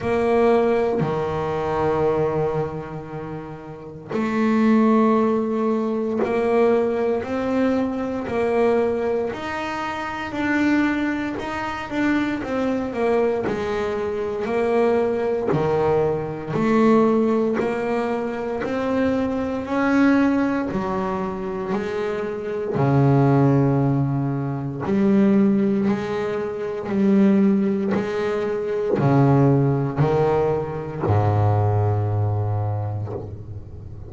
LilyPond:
\new Staff \with { instrumentName = "double bass" } { \time 4/4 \tempo 4 = 58 ais4 dis2. | a2 ais4 c'4 | ais4 dis'4 d'4 dis'8 d'8 | c'8 ais8 gis4 ais4 dis4 |
a4 ais4 c'4 cis'4 | fis4 gis4 cis2 | g4 gis4 g4 gis4 | cis4 dis4 gis,2 | }